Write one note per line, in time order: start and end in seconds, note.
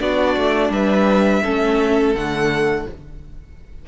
0.00 0.37 B3
0.00 1.43 D4
0.00 0.73 F#4
0.00 0.72 D5
0.37 0.70 A3
0.70 1.42 G3
0.70 1.43 B4
0.70 2.16 E5
1.43 2.15 A3
1.43 2.16 C#4
1.43 2.86 A4
2.15 2.86 D3
2.15 2.88 A3
2.15 2.87 F#5